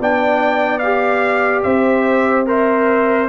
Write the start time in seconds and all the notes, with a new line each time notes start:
0.00 B3 D4 D5 G5
0.79 G4 F5
1.64 C4 C5 E5
2.46 A#4 C5 E5